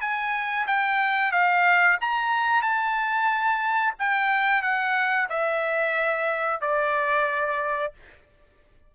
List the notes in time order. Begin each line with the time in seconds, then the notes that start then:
0.00 G#5
0.67 G5
1.32 F5
2.01 A#5
2.62 A5
3.99 G5
4.62 F#5
5.29 E5
6.61 D5